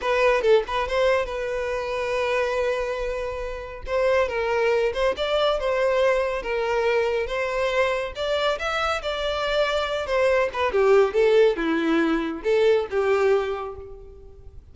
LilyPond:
\new Staff \with { instrumentName = "violin" } { \time 4/4 \tempo 4 = 140 b'4 a'8 b'8 c''4 b'4~ | b'1~ | b'4 c''4 ais'4. c''8 | d''4 c''2 ais'4~ |
ais'4 c''2 d''4 | e''4 d''2~ d''8 c''8~ | c''8 b'8 g'4 a'4 e'4~ | e'4 a'4 g'2 | }